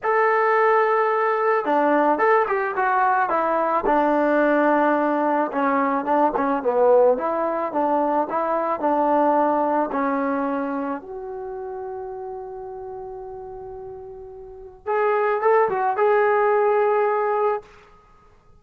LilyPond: \new Staff \with { instrumentName = "trombone" } { \time 4/4 \tempo 4 = 109 a'2. d'4 | a'8 g'8 fis'4 e'4 d'4~ | d'2 cis'4 d'8 cis'8 | b4 e'4 d'4 e'4 |
d'2 cis'2 | fis'1~ | fis'2. gis'4 | a'8 fis'8 gis'2. | }